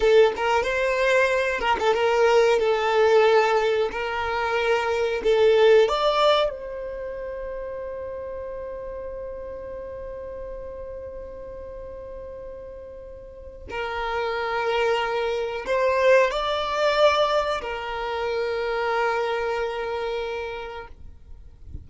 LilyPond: \new Staff \with { instrumentName = "violin" } { \time 4/4 \tempo 4 = 92 a'8 ais'8 c''4. ais'16 a'16 ais'4 | a'2 ais'2 | a'4 d''4 c''2~ | c''1~ |
c''1~ | c''4 ais'2. | c''4 d''2 ais'4~ | ais'1 | }